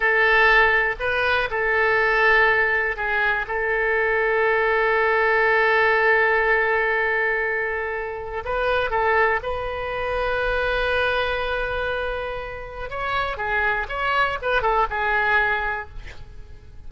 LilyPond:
\new Staff \with { instrumentName = "oboe" } { \time 4/4 \tempo 4 = 121 a'2 b'4 a'4~ | a'2 gis'4 a'4~ | a'1~ | a'1~ |
a'4 b'4 a'4 b'4~ | b'1~ | b'2 cis''4 gis'4 | cis''4 b'8 a'8 gis'2 | }